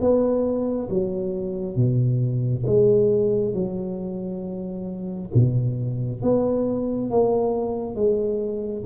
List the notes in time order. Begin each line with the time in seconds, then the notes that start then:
0.00 B3
0.89 F#3
1.75 B2
2.66 G#3
3.53 F#3
5.34 B2
6.22 B3
7.10 A#3
7.95 G#3